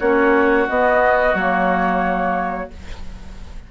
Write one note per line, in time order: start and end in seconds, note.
0.00 0.68 A#3
0.00 0.68 C#4
0.00 2.70 F#4
0.00 0.67 C#5
0.69 1.37 B3
0.69 1.34 B3
0.69 1.35 D#5
1.34 2.69 F#3
1.34 2.72 A#3
1.34 2.70 C#5